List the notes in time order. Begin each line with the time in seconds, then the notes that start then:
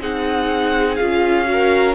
0.00 C4 D#4 G#4 F#5
0.96 C#4 F4 F5
1.45 F#4
1.51 A#4